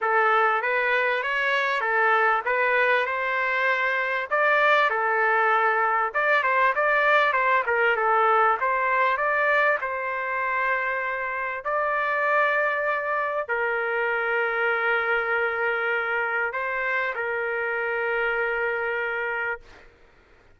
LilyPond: \new Staff \with { instrumentName = "trumpet" } { \time 4/4 \tempo 4 = 98 a'4 b'4 cis''4 a'4 | b'4 c''2 d''4 | a'2 d''8 c''8 d''4 | c''8 ais'8 a'4 c''4 d''4 |
c''2. d''4~ | d''2 ais'2~ | ais'2. c''4 | ais'1 | }